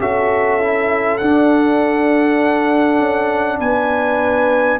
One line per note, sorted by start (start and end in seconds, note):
0.00 1.20 C#4
0.00 0.60 F#4
0.00 3.59 A4
0.00 1.18 E5
0.60 1.21 E4
1.18 2.99 D4
1.18 4.80 D4
1.18 3.58 F#5
2.99 3.59 C#4
3.59 4.79 B3
3.59 4.79 B4
3.59 4.80 G#5